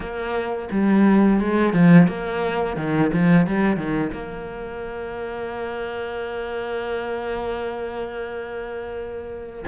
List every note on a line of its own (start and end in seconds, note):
0.00 0.69 A#3
0.71 1.39 G3
1.39 1.73 G#3
1.73 2.07 F3
2.07 2.76 A#3
2.76 3.11 D#3
3.12 3.47 F3
3.47 3.76 G3
3.76 4.11 D#3
4.13 9.64 A#3